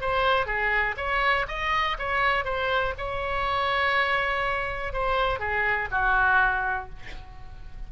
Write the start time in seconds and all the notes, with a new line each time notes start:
0.00 C5
0.46 G#4
0.97 C#5
1.47 D#5
1.98 C#5
2.44 C5
2.97 C#5
4.92 C5
5.39 G#4
5.91 F#4